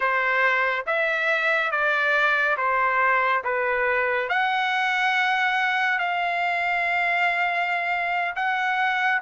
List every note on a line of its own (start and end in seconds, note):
0.00 0.85 C5
0.86 1.71 E5
1.71 2.56 D5
2.57 3.43 C5
3.44 4.29 B4
4.29 5.98 F#5
5.98 8.34 F5
8.35 9.21 F#5